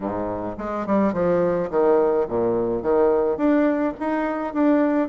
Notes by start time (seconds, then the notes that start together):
0.00 G#2
0.58 G#3
0.86 G3
1.13 F3
1.70 D#3
2.28 A#2
2.82 D#3
3.37 D4
3.99 D#4
4.53 D4